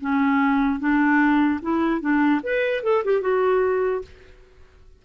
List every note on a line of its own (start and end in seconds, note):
0.00 0.79 C#4
0.79 1.60 D4
1.62 2.00 E4
2.00 2.41 D4
2.43 2.83 B4
2.83 3.03 A4
3.04 3.21 G4
3.21 4.02 F#4